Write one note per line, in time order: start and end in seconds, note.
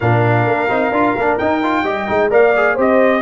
0.00 0.46 A#2
0.00 0.68 D4
0.00 1.83 A#4
0.00 1.37 F5
0.46 0.69 A#3
0.68 0.91 C4
0.68 0.91 D#4
0.91 1.14 D4
0.91 1.16 F4
1.16 1.39 A#3
1.16 1.40 D4
1.37 1.63 D#4
1.37 1.83 D#4
1.37 2.30 G5
1.63 1.85 F4
1.83 2.06 G3
1.83 2.07 G4
1.83 2.29 D#5
2.07 2.31 G#3
2.07 2.30 D#4
2.30 2.77 A#3
2.30 2.53 A#4
2.30 2.74 D5
2.30 2.78 F5
2.55 2.77 G#4
2.74 3.21 C4
2.74 3.21 G4
2.74 3.20 C5
2.80 3.21 D#5